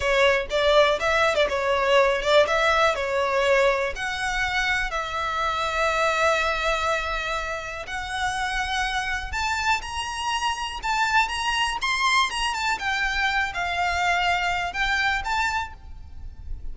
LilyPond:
\new Staff \with { instrumentName = "violin" } { \time 4/4 \tempo 4 = 122 cis''4 d''4 e''8. d''16 cis''4~ | cis''8 d''8 e''4 cis''2 | fis''2 e''2~ | e''1 |
fis''2. a''4 | ais''2 a''4 ais''4 | c'''4 ais''8 a''8 g''4. f''8~ | f''2 g''4 a''4 | }